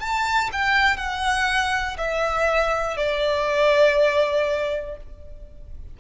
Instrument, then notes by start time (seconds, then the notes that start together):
violin
0.00 A5
0.53 G5
0.97 F#5
1.98 E5
2.97 D5